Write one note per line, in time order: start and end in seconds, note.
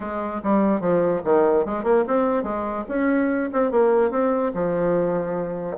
0.00 0.41 G#3
0.43 0.80 G3
0.80 1.21 F3
1.24 1.65 D#3
1.65 1.83 G#3
1.83 2.04 A#3
2.07 2.43 C4
2.43 2.84 G#3
2.88 3.50 C#4
3.52 3.71 C4
3.71 4.11 A#3
4.11 4.52 C4
4.54 5.77 F3